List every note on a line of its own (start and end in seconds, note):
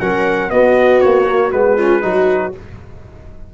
0.00 0.51 F#3
0.00 0.49 C#4
0.00 0.50 A#4
0.00 0.50 F#5
0.49 1.25 B3
0.49 1.02 B3
0.49 1.77 F#4
0.49 1.00 D#5
1.00 1.52 A#3
1.00 1.51 C#5
1.26 1.52 A#3
1.51 2.03 G#3
1.51 1.77 B3
1.51 2.53 B4
1.77 2.01 C#4
1.77 2.02 F4
2.01 2.54 F#3
2.01 2.52 D#4
2.01 2.53 F#4